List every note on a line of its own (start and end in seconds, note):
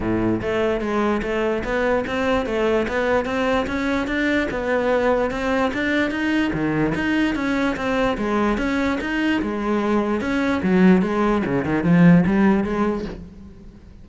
0.00 0.41 A2
0.41 0.81 A3
0.81 1.21 G#3
1.22 1.63 A3
1.64 2.04 B3
2.06 2.46 C4
2.46 2.86 A3
2.88 3.25 B3
3.25 3.66 C4
3.67 4.07 C#4
4.07 4.48 D4
4.51 5.31 B3
5.31 5.71 C4
5.73 6.10 D4
6.10 6.51 D#4
6.53 6.94 D#3
6.94 7.35 D#4
7.35 7.76 C#4
7.76 8.17 C4
8.17 8.57 G#3
8.57 8.98 C#4
9.00 9.41 D#4
9.42 10.20 G#3
10.20 10.61 C#4
10.62 11.01 F#3
11.01 11.42 G#3
11.45 11.64 C#3
11.64 11.83 D#3
11.83 12.24 F3
12.26 12.63 G3
12.63 13.04 G#3